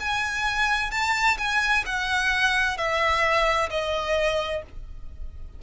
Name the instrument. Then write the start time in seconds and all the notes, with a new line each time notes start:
violin
0.00 G#5
0.91 A5
1.38 G#5
1.86 F#5
2.77 E5
3.70 D#5